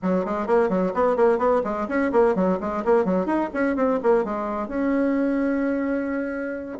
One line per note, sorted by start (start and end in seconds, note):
0.02 0.25 F#3
0.25 0.46 G#3
0.46 0.69 A#3
0.69 0.92 F#3
0.94 1.16 B3
1.16 1.38 A#3
1.38 1.62 B3
1.64 1.87 G#3
1.88 2.11 C#4
2.12 2.35 A#3
2.35 2.58 F#3
2.60 2.84 G#3
2.84 3.04 A#3
3.04 3.26 F#3
3.26 3.49 D#4
3.53 3.76 C#4
3.76 3.99 C4
4.02 4.24 A#3
4.24 4.67 G#3
4.67 6.78 C#4